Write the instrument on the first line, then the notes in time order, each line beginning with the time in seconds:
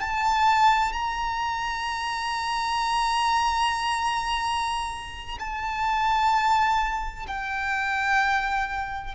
violin
0.00 A5
0.92 A#5
5.39 A5
7.27 G5